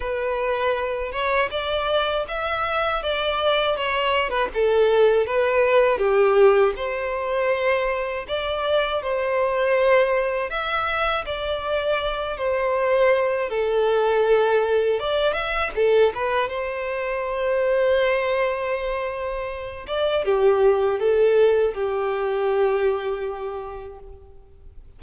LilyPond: \new Staff \with { instrumentName = "violin" } { \time 4/4 \tempo 4 = 80 b'4. cis''8 d''4 e''4 | d''4 cis''8. b'16 a'4 b'4 | g'4 c''2 d''4 | c''2 e''4 d''4~ |
d''8 c''4. a'2 | d''8 e''8 a'8 b'8 c''2~ | c''2~ c''8 d''8 g'4 | a'4 g'2. | }